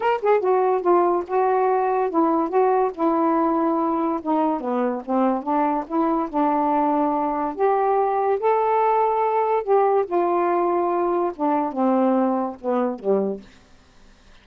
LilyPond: \new Staff \with { instrumentName = "saxophone" } { \time 4/4 \tempo 4 = 143 ais'8 gis'8 fis'4 f'4 fis'4~ | fis'4 e'4 fis'4 e'4~ | e'2 dis'4 b4 | c'4 d'4 e'4 d'4~ |
d'2 g'2 | a'2. g'4 | f'2. d'4 | c'2 b4 g4 | }